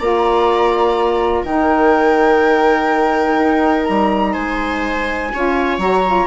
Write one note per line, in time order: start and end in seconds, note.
0.00 1.44 A#3
0.00 1.46 F4
0.00 1.43 D5
0.00 1.45 A#5
1.43 3.37 D#3
1.43 5.33 D#4
1.43 4.33 A#4
1.43 3.85 G5
3.39 3.87 D#4
3.85 4.36 G3
3.85 4.33 A#5
4.33 5.33 G#3
4.33 5.30 C5
4.33 5.79 G#5
5.34 5.79 C#4
5.34 5.80 F4
5.34 6.28 C#5
5.79 6.27 F#3
5.79 6.04 F#4
5.79 6.28 A#5
6.06 6.28 F4